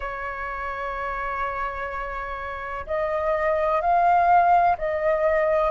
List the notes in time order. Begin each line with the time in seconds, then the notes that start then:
0.00 C#5
2.86 D#5
3.81 F5
4.77 D#5